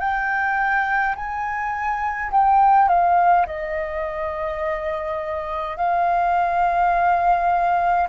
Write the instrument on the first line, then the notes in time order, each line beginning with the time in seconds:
flute
0.00 G5
1.16 G#5
2.32 G5
2.89 F5
3.47 D#5
5.77 F5